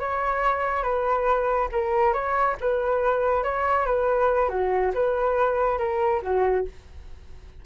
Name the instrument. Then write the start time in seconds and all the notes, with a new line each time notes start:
flute
0.00 C#5
0.83 B4
1.72 A#4
2.13 C#5
2.61 B4
3.43 C#5
3.86 B4
4.49 F#4
4.94 B4
5.78 A#4
6.22 F#4